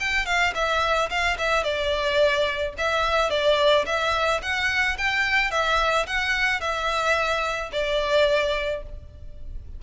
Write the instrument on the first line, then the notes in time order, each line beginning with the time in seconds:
violin
0.00 G5
0.26 F5
0.55 E5
1.10 F5
1.38 E5
1.64 D5
2.78 E5
3.31 D5
3.86 E5
4.42 F#5
4.98 G5
5.51 E5
6.07 F#5
6.61 E5
7.72 D5